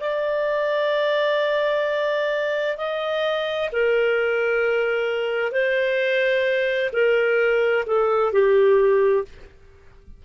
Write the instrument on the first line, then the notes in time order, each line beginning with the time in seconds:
clarinet
0.00 D5
2.77 D#5
3.72 A#4
5.52 C5
6.92 A#4
7.86 A4
8.32 G4